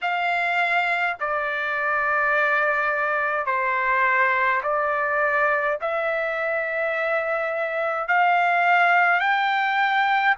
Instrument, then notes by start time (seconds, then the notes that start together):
trumpet
0.01 F5
1.20 D5
3.46 C5
4.63 D5
5.81 E5
8.08 F5
9.19 G5